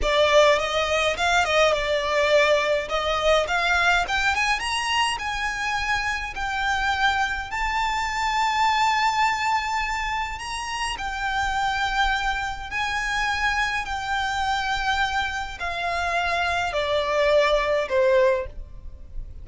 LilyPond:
\new Staff \with { instrumentName = "violin" } { \time 4/4 \tempo 4 = 104 d''4 dis''4 f''8 dis''8 d''4~ | d''4 dis''4 f''4 g''8 gis''8 | ais''4 gis''2 g''4~ | g''4 a''2.~ |
a''2 ais''4 g''4~ | g''2 gis''2 | g''2. f''4~ | f''4 d''2 c''4 | }